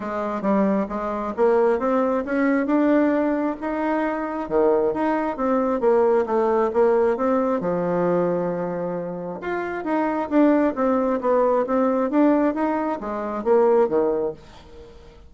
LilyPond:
\new Staff \with { instrumentName = "bassoon" } { \time 4/4 \tempo 4 = 134 gis4 g4 gis4 ais4 | c'4 cis'4 d'2 | dis'2 dis4 dis'4 | c'4 ais4 a4 ais4 |
c'4 f2.~ | f4 f'4 dis'4 d'4 | c'4 b4 c'4 d'4 | dis'4 gis4 ais4 dis4 | }